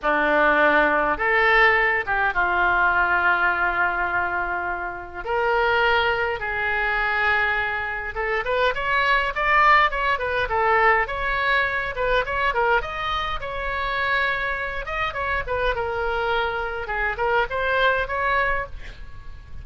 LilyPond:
\new Staff \with { instrumentName = "oboe" } { \time 4/4 \tempo 4 = 103 d'2 a'4. g'8 | f'1~ | f'4 ais'2 gis'4~ | gis'2 a'8 b'8 cis''4 |
d''4 cis''8 b'8 a'4 cis''4~ | cis''8 b'8 cis''8 ais'8 dis''4 cis''4~ | cis''4. dis''8 cis''8 b'8 ais'4~ | ais'4 gis'8 ais'8 c''4 cis''4 | }